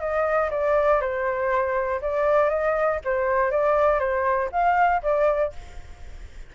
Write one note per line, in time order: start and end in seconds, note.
0.00 0.50 D#5
0.51 1.01 D5
1.01 2.01 C5
2.02 2.49 D5
2.49 2.99 D#5
3.05 3.51 C5
3.51 4.00 D5
4.00 4.50 C5
4.52 5.02 F5
5.03 5.53 D5